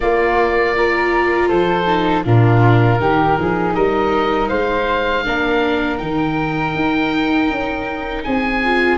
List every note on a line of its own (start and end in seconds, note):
0.00 0.74 A#3
0.00 1.50 A#3
0.00 0.75 F4
0.00 1.48 D5
0.76 1.86 F4
0.76 1.48 A#4
1.48 2.25 F3
1.48 2.23 A4
1.48 2.23 C5
1.86 2.24 D#4
2.24 3.00 A#2
2.24 2.99 D4
2.24 2.99 F4
2.24 3.74 A#4
2.99 3.37 D#3
2.99 5.24 D#4
2.99 3.37 G4
3.38 3.75 F3
3.38 3.75 G#4
3.74 4.50 G3
3.74 4.48 A#4
3.74 4.48 D#5
4.48 5.25 G#3
4.48 5.23 C5
4.48 5.97 F5
5.24 6.00 A#3
5.24 5.98 D4
5.24 8.24 A#4
5.97 6.75 D#3
5.97 8.60 D#4
5.97 8.22 G5
6.75 7.50 D#4
7.50 8.25 C#4
8.24 8.98 C4
8.24 8.98 G#4
8.24 8.98 G#5
8.63 8.98 F4